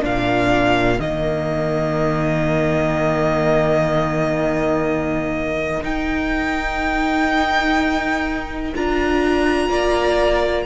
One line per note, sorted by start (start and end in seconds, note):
0.00 0.99 A#2
0.00 0.97 D4
0.00 9.68 A#4
0.00 1.00 F5
0.99 5.82 D#3
0.99 5.81 A#3
0.99 5.84 D#5
5.81 8.72 D#4
5.81 8.73 D#4
5.81 8.74 G5
8.75 9.69 D4
8.75 10.65 F4
8.75 10.65 A#5
9.69 10.65 A#3
9.69 10.65 D5